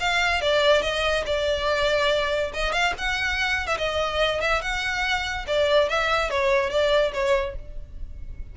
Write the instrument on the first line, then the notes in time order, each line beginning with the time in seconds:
violin
0.00 F5
0.41 D5
0.82 D#5
1.26 D5
2.54 D#5
2.73 F5
2.98 F#5
3.67 E5
3.78 D#5
4.41 E5
4.62 F#5
5.47 D5
5.89 E5
6.30 C#5
6.70 D5
7.14 C#5